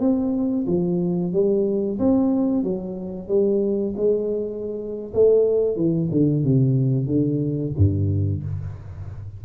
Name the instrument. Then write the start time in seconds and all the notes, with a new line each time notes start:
tuba
0.00 C4
0.67 F3
1.33 G3
1.99 C4
2.63 F#3
3.28 G3
3.97 G#3
5.14 A3
5.76 E3
6.11 D3
6.44 C3
7.07 D3
7.77 G2